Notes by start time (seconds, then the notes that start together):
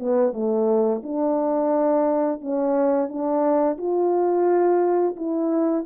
0.00 B3
0.34 A3
1.03 D4
2.41 C#4
3.09 D4
3.78 F4
5.17 E4